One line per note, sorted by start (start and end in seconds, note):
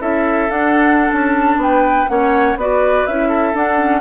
0.00 0.50 C#4
0.00 0.49 E4
0.00 1.60 A4
0.00 0.51 E5
0.50 1.11 D4
0.50 2.08 D4
0.50 1.12 F#5
1.13 1.57 C#4
1.13 1.62 A5
1.57 2.06 B3
1.57 2.11 B4
1.57 2.09 G5
2.08 2.56 A#3
2.08 2.57 C#4
2.08 2.59 C#5
2.08 2.58 F#5
2.56 3.05 B3
2.56 3.09 F#4
2.56 3.29 B4
2.56 3.07 D5
3.07 3.54 C#4
3.07 3.54 E4
3.07 3.56 E5
3.29 4.01 A4
3.54 3.78 D4
3.54 4.01 D4
3.54 4.01 F#5
3.78 4.01 C#4